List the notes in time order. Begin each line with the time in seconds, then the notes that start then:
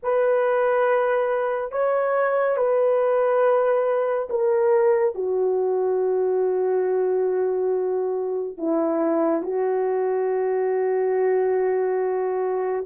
0.02 B4
1.71 C#5
2.56 B4
4.29 A#4
5.14 F#4
8.57 E4
9.42 F#4